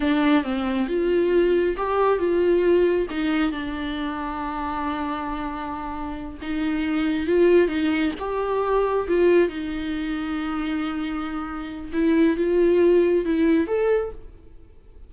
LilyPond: \new Staff \with { instrumentName = "viola" } { \time 4/4 \tempo 4 = 136 d'4 c'4 f'2 | g'4 f'2 dis'4 | d'1~ | d'2~ d'8 dis'4.~ |
dis'8 f'4 dis'4 g'4.~ | g'8 f'4 dis'2~ dis'8~ | dis'2. e'4 | f'2 e'4 a'4 | }